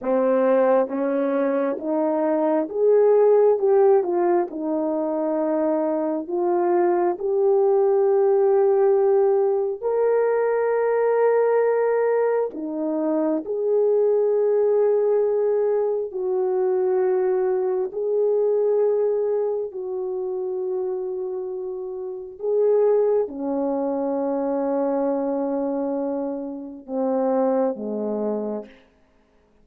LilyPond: \new Staff \with { instrumentName = "horn" } { \time 4/4 \tempo 4 = 67 c'4 cis'4 dis'4 gis'4 | g'8 f'8 dis'2 f'4 | g'2. ais'4~ | ais'2 dis'4 gis'4~ |
gis'2 fis'2 | gis'2 fis'2~ | fis'4 gis'4 cis'2~ | cis'2 c'4 gis4 | }